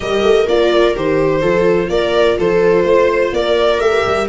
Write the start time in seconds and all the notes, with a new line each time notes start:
0.00 G3 G4 A#4 D#5
0.22 A3
0.47 A#3 F4 D5
0.94 D#3 G4 C5
1.40 F3 F4 A4
1.88 A#3 A#4 D5
2.38 F3 A4 C5
2.84 A3 C5
3.32 A#3 A#4 D5
3.78 A3 G4 E5
4.06 G3